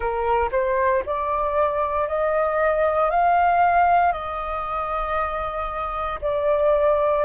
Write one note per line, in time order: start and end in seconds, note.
0.00 0.49 A#4
0.51 1.03 C5
1.05 2.07 D5
2.07 3.10 D#5
3.10 4.12 F5
4.12 6.19 D#5
6.21 7.24 D5